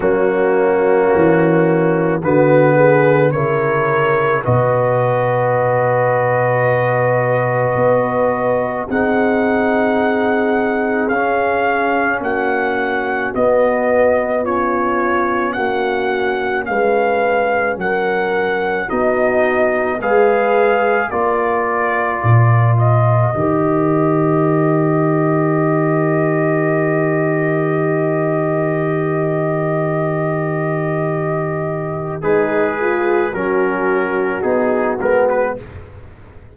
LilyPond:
<<
  \new Staff \with { instrumentName = "trumpet" } { \time 4/4 \tempo 4 = 54 fis'2 b'4 cis''4 | dis''1 | fis''2 f''4 fis''4 | dis''4 cis''4 fis''4 f''4 |
fis''4 dis''4 f''4 d''4~ | d''8 dis''2.~ dis''8~ | dis''1~ | dis''4 b'4 ais'4 gis'8 ais'16 b'16 | }
  \new Staff \with { instrumentName = "horn" } { \time 4/4 cis'2 fis'8 gis'8 ais'4 | b'1 | gis'2. fis'4~ | fis'4 f'4 fis'4 b'4 |
ais'4 fis'4 b'4 ais'4~ | ais'1~ | ais'1~ | ais'4 dis'8 f'8 fis'2 | }
  \new Staff \with { instrumentName = "trombone" } { \time 4/4 ais2 b4 e'4 | fis'1 | dis'2 cis'2 | b4 cis'2.~ |
cis'4 dis'4 gis'4 f'4~ | f'4 g'2.~ | g'1~ | g'4 gis'4 cis'4 dis'8 b8 | }
  \new Staff \with { instrumentName = "tuba" } { \time 4/4 fis4 e4 d4 cis4 | b,2. b4 | c'2 cis'4 ais4 | b2 ais4 gis4 |
fis4 b4 gis4 ais4 | ais,4 dis2.~ | dis1~ | dis4 gis4 fis4 b8 gis8 | }
>>